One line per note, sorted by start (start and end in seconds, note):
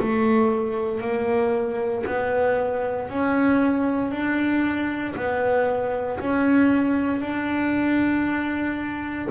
0.00 1.01 A3
1.01 2.05 A#3
2.06 3.09 B3
3.09 4.11 C#4
4.11 5.15 D4
5.16 6.19 B3
6.20 7.21 C#4
7.21 9.28 D4